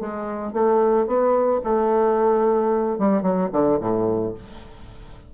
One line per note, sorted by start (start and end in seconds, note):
0.00 0.53 G#3
0.53 1.07 A3
1.07 1.61 B3
1.64 2.99 A3
2.99 3.22 G3
3.22 3.49 F#3
3.53 3.80 D3
3.80 4.34 A2